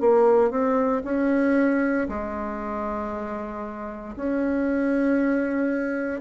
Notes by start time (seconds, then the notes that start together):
0.00 A#3
0.51 C4
1.04 C#4
2.08 G#3
4.17 C#4